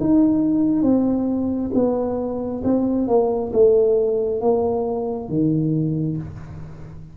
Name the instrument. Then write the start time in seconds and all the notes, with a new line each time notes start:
tuba
0.00 D#4
0.83 C4
1.74 B3
2.64 C4
3.08 A#3
3.53 A3
4.41 A#3
5.29 D#3